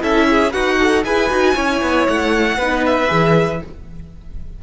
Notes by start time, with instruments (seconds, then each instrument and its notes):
0.00 cello C#4, viola E4, violin A4 E5
0.30 violin G#4
0.50 cello D#4, violin F#4 F#5, viola B4
0.80 viola A4
1.05 cello E4, viola G#4, violin B4 G#5
1.30 cello D#4, viola F#4
1.55 cello C#4, viola E4, violin C#5
1.82 cello B3
2.08 cello A3, violin F#5
2.57 cello B3, viola D#4, violin B4
2.86 violin E5
3.08 cello E3, viola G#4